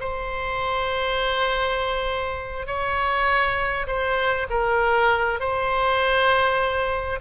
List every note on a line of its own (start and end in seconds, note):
0.00 2.67 C5
2.67 3.87 C#5
3.87 4.47 C5
4.50 5.40 A#4
5.40 7.20 C5